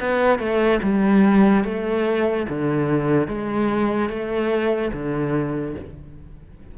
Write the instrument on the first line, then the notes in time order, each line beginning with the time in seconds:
cello
0.00 B3
0.39 A3
0.83 G3
1.64 A3
2.49 D3
3.28 G#3
4.09 A3
4.93 D3